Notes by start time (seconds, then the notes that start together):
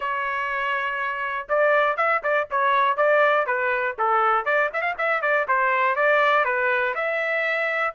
0.00 C#5
1.48 D5
1.96 E5
2.23 D5
2.50 C#5
2.97 D5
3.46 B4
3.98 A4
4.45 D5
4.73 E5
4.81 F5
4.98 E5
5.21 D5
5.47 C5
5.95 D5
6.44 B4
6.94 E5